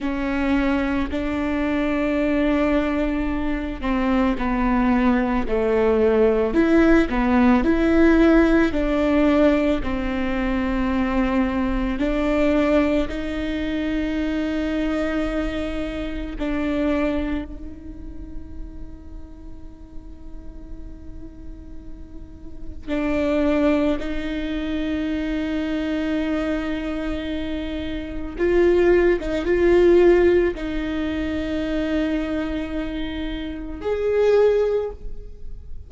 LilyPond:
\new Staff \with { instrumentName = "viola" } { \time 4/4 \tempo 4 = 55 cis'4 d'2~ d'8 c'8 | b4 a4 e'8 b8 e'4 | d'4 c'2 d'4 | dis'2. d'4 |
dis'1~ | dis'4 d'4 dis'2~ | dis'2 f'8. dis'16 f'4 | dis'2. gis'4 | }